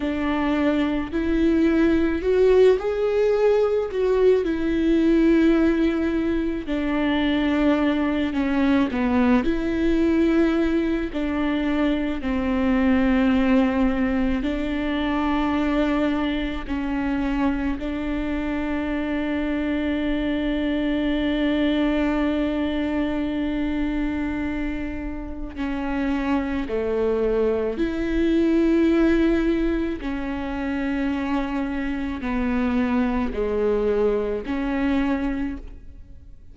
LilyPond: \new Staff \with { instrumentName = "viola" } { \time 4/4 \tempo 4 = 54 d'4 e'4 fis'8 gis'4 fis'8 | e'2 d'4. cis'8 | b8 e'4. d'4 c'4~ | c'4 d'2 cis'4 |
d'1~ | d'2. cis'4 | a4 e'2 cis'4~ | cis'4 b4 gis4 cis'4 | }